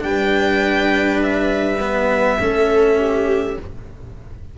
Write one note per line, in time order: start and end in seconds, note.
0.00 2.39 G3
0.00 1.76 D4
0.00 2.41 B4
0.00 1.21 G5
1.23 3.59 E5
1.81 2.39 B3
2.40 3.58 A3
2.40 3.58 C#4
2.40 3.00 A4
3.00 3.59 G4